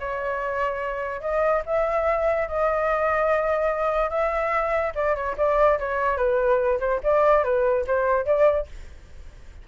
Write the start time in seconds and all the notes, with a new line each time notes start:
0.00 C#5
1.21 D#5
1.66 E5
2.48 D#5
4.10 E5
4.95 D5
5.15 C#5
5.38 D5
5.79 C#5
6.17 B4
6.80 C5
7.03 D5
7.44 B4
7.87 C5
8.26 D5